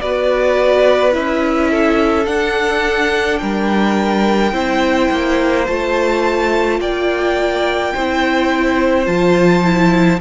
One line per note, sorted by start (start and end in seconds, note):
0.00 1.15 B3
0.00 1.12 F#4
0.00 1.70 B4
0.00 1.13 D5
1.12 2.26 C#4
1.12 2.25 E4
1.12 2.26 E5
1.70 3.40 A4
2.26 4.52 D4
2.26 3.39 D4
2.26 3.38 F#5
3.38 4.52 G3
3.38 4.53 A#4
3.38 5.64 G5
4.52 5.09 C4
4.52 5.65 E4
4.52 6.79 C5
5.11 5.67 A#3
5.67 6.79 A3
5.67 7.93 F4
5.67 6.80 A5
6.79 7.92 A#3
6.79 7.93 D5
6.79 9.06 G5
7.93 9.06 C4
7.93 9.05 E4
7.93 10.19 C5
9.05 10.20 F3
9.05 9.62 F4
9.05 10.19 A5
9.63 10.20 E4